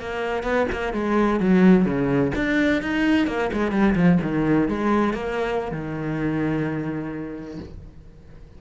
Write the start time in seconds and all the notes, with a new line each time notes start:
0.00 A#3
0.43 B3
0.72 A#3
0.93 G#3
1.40 F#3
1.85 C#3
2.35 D4
2.82 D#4
3.27 A#3
3.53 G#3
3.71 G3
3.95 F3
4.22 D#3
4.69 G#3
5.13 A#3
5.71 D#3